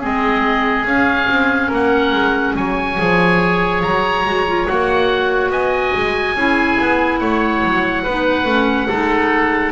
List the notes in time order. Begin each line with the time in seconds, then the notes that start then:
0.00 G#3 C4 G#4 D#5
0.85 C#4 F5
1.28 C4
1.67 A#3 A#4 F#5
2.12 G#3
2.56 F#3 C#5 G#5
2.97 F3 G#4
3.82 F#3 A#5
4.24 G#3 F#4
4.47 F4
4.66 A#3 F#4 F#5
5.49 B3 D#5 G#5
5.96 G#3
6.35 C#4 E4 G#4
6.80 B3
7.19 A3 C#5 F#5
7.64 F#3
8.03 B3 D#4 B4
8.45 A3 C#4
8.87 G#3 D#4 A4